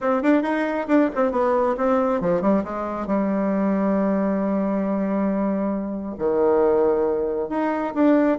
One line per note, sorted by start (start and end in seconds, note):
0.00 0.22 C4
0.22 0.42 D4
0.42 0.86 D#4
0.87 1.09 D4
1.15 1.31 C4
1.31 1.75 B3
1.77 2.20 C4
2.20 2.41 F3
2.41 2.63 G3
2.64 3.07 G#3
3.07 6.15 G3
6.18 7.49 D#3
7.49 7.93 D#4
7.94 8.38 D4